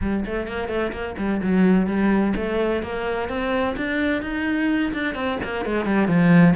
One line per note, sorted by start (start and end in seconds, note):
0.01 0.24 G3
0.25 0.47 A3
0.47 0.68 A#3
0.68 0.92 A3
0.92 1.15 A#3
1.17 1.41 G3
1.42 1.86 F#3
1.86 2.33 G3
2.36 2.83 A3
2.83 3.28 A#3
3.28 3.75 C4
3.76 4.22 D4
4.22 4.92 D#4
4.93 5.15 D4
5.15 5.38 C4
5.43 5.65 A#3
5.65 5.85 G#3
5.85 6.07 G3
6.07 6.54 F3